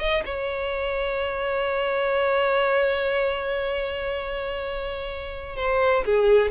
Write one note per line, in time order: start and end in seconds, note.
0.00 0.24 D#5
0.26 5.56 C#5
5.56 6.05 C5
6.05 6.52 G#4